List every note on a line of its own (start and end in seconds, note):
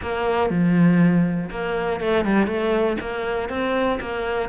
0.02 0.50 A#3
0.50 1.50 F3
1.50 2.00 A#3
2.00 2.24 A3
2.24 2.46 G3
2.46 2.96 A3
3.00 3.49 A#3
3.49 3.99 C4
4.00 4.49 A#3